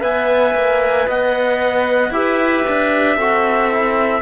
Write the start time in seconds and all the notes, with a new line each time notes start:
0.00 B3 B4 E5 G#5
0.54 A#3
1.06 B3 D#5 F#5
2.10 E4 G4 B4 E5
2.68 D4
3.16 C4 F#4 A4
3.71 E4